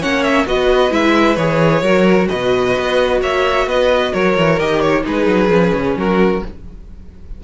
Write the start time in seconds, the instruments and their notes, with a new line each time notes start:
0.00 cello A#3, viola C#4, violin C#5 F#5
0.23 violin E5
0.46 cello B3, viola F#4, violin B4 D#5
0.90 cello G#3, viola E4, violin E5
1.36 cello E3, viola G#4, violin C#5
1.82 cello F#3, viola F#4, violin A#4
2.29 cello B2, violin B4 D#5
2.78 cello B3
3.21 cello A#3, violin C#5 E5
3.67 cello B3, violin B4 D#5
4.12 cello F#3, violin A#4 C#5
4.37 cello E3
4.59 cello D#3, viola G4, violin D#5
4.81 violin C#5
5.02 cello G#3, viola D#4, violin G#4 B4
5.27 cello F#3
5.49 cello F3, viola C#4
5.75 cello C#3
5.96 cello F#3, violin F#4 A#4